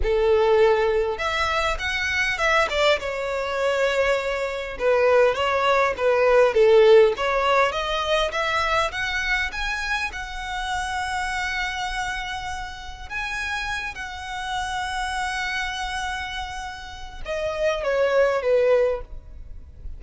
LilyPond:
\new Staff \with { instrumentName = "violin" } { \time 4/4 \tempo 4 = 101 a'2 e''4 fis''4 | e''8 d''8 cis''2. | b'4 cis''4 b'4 a'4 | cis''4 dis''4 e''4 fis''4 |
gis''4 fis''2.~ | fis''2 gis''4. fis''8~ | fis''1~ | fis''4 dis''4 cis''4 b'4 | }